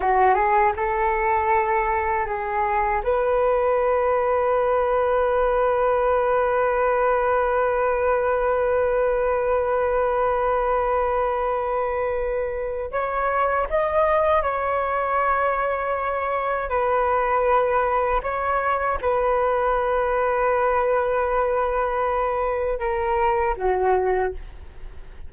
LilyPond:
\new Staff \with { instrumentName = "flute" } { \time 4/4 \tempo 4 = 79 fis'8 gis'8 a'2 gis'4 | b'1~ | b'1~ | b'1~ |
b'4 cis''4 dis''4 cis''4~ | cis''2 b'2 | cis''4 b'2.~ | b'2 ais'4 fis'4 | }